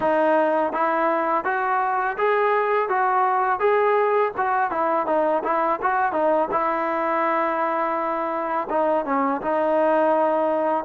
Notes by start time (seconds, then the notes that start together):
0.00 D#4
0.72 E4
1.44 F#4
2.17 G#4
2.88 F#4
3.59 G#4
4.37 F#4
4.71 E4
5.06 D#4
5.43 E4
5.82 F#4
6.12 D#4
6.51 E4
8.69 D#4
9.05 C#4
9.41 D#4